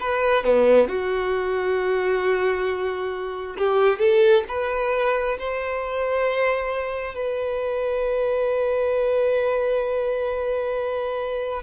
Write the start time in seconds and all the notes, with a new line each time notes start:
0.00 B4
0.44 B3
0.88 F#4
3.57 G4
3.99 A4
4.48 B4
5.38 C5
7.14 B4